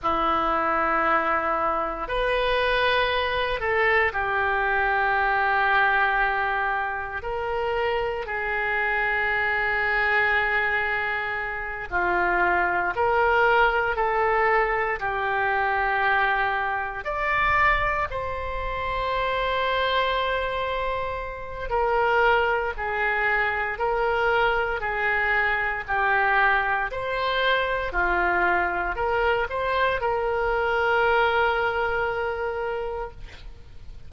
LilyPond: \new Staff \with { instrumentName = "oboe" } { \time 4/4 \tempo 4 = 58 e'2 b'4. a'8 | g'2. ais'4 | gis'2.~ gis'8 f'8~ | f'8 ais'4 a'4 g'4.~ |
g'8 d''4 c''2~ c''8~ | c''4 ais'4 gis'4 ais'4 | gis'4 g'4 c''4 f'4 | ais'8 c''8 ais'2. | }